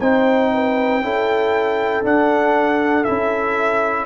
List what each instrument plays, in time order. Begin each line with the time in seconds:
0.00 tuba C4, trombone D#4, horn C5, trumpet G5
0.54 horn B4
1.01 tuba C#4, trombone E4, horn A4
2.03 trombone D4, tuba D4, trumpet F#5
3.04 tuba C#4, trombone E4, trumpet E5